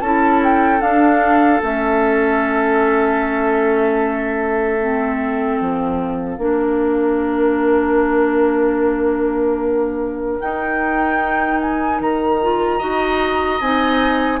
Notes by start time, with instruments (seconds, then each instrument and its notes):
0.00 bassoon C#4, clarinet E4, oboe A4, flute A5
0.43 flute G5
0.80 clarinet D4, bassoon D4, flute F5
1.61 bassoon A3, clarinet C#4, flute E5
4.80 clarinet C4
5.59 bassoon F3, flute F5
6.38 bassoon A#3, clarinet D4, oboe A#4
10.39 clarinet D#4, bassoon D#4, flute G5
11.61 flute G#5
12.00 bassoon D#3, flute A#5
12.42 clarinet F4
12.78 bassoon D#4, clarinet F#4, oboe D#5
13.60 bassoon C4, clarinet D#4, flute G#5